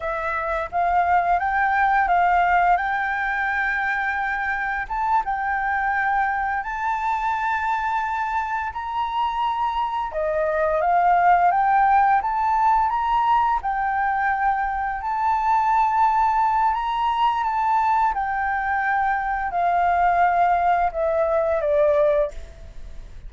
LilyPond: \new Staff \with { instrumentName = "flute" } { \time 4/4 \tempo 4 = 86 e''4 f''4 g''4 f''4 | g''2. a''8 g''8~ | g''4. a''2~ a''8~ | a''8 ais''2 dis''4 f''8~ |
f''8 g''4 a''4 ais''4 g''8~ | g''4. a''2~ a''8 | ais''4 a''4 g''2 | f''2 e''4 d''4 | }